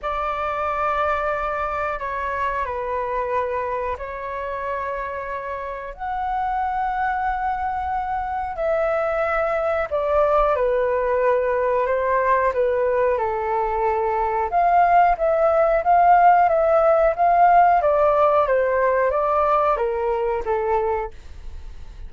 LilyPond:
\new Staff \with { instrumentName = "flute" } { \time 4/4 \tempo 4 = 91 d''2. cis''4 | b'2 cis''2~ | cis''4 fis''2.~ | fis''4 e''2 d''4 |
b'2 c''4 b'4 | a'2 f''4 e''4 | f''4 e''4 f''4 d''4 | c''4 d''4 ais'4 a'4 | }